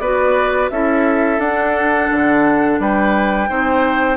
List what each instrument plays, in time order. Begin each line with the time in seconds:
0.00 bassoon B3, clarinet F#4, oboe B4, flute D5
0.70 bassoon C#4, clarinet E4, oboe A4, flute E5
1.39 bassoon D4, clarinet D4, flute F#5
2.12 bassoon D3
2.80 bassoon G3, oboe B4, flute G5
3.49 bassoon C4, clarinet D#4, oboe C5